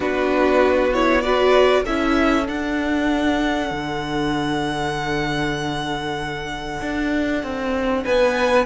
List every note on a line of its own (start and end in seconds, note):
0.00 1.85 B3
0.00 0.92 D4
0.00 1.22 F#4
0.00 0.93 B4
0.93 1.22 E4
0.93 1.20 C#5
1.20 1.84 F#4
1.20 1.84 B4
1.20 1.82 D5
1.84 2.48 C#4
1.84 2.46 E4
1.84 8.02 A4
1.84 2.47 E5
2.46 8.64 D4
2.46 3.70 D4
2.46 8.04 F#5
3.70 6.80 D3
6.81 7.43 D4
7.43 8.05 C4
8.04 8.65 B3
8.04 8.65 B4
8.04 8.65 G#5